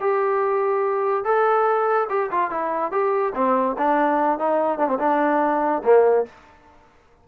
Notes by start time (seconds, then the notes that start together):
0.00 G4
1.25 A4
2.10 G4
2.32 F4
2.51 E4
2.92 G4
3.35 C4
3.78 D4
4.39 D#4
4.79 D4
4.88 C4
4.99 D4
5.84 A#3